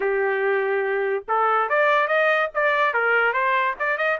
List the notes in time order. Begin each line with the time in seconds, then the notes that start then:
0.00 G4
1.28 A4
1.69 D5
2.07 D#5
2.54 D5
2.93 A#4
3.33 C5
3.79 D5
3.97 D#5